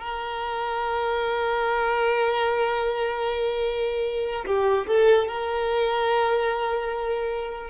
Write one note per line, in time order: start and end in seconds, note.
0.00 4.46 A#4
4.46 4.87 G4
4.87 5.28 A4
5.28 7.71 A#4